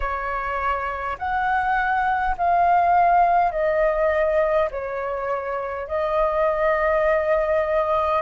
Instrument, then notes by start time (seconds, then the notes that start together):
flute
0.00 C#5
1.18 F#5
2.37 F5
3.51 D#5
4.71 C#5
5.87 D#5